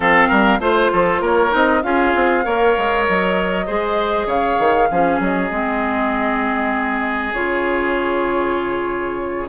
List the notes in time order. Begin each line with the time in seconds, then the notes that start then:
0.00 F3 C4 A4 F5
0.27 G3 A#4
0.59 A3 F4 C5
0.92 F3 A4
1.21 A#3 A#4 C#5
1.50 C4 D#4 D#5
1.82 C#4 F4 G#4 F5
2.15 C4
2.44 A#3 A#4 C#5
2.77 G#3
3.07 F#3 D#5
3.66 G#3 G#4 C5
4.26 C#3 C#5 F5
4.59 D#3
4.90 F3 C#4 G#4
5.19 F#3 D#5
5.50 G#3 C4
7.33 C#3 F4 C#5